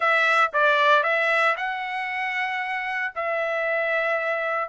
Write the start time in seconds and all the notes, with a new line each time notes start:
0.00 E5
0.53 D5
1.03 E5
1.56 F#5
3.15 E5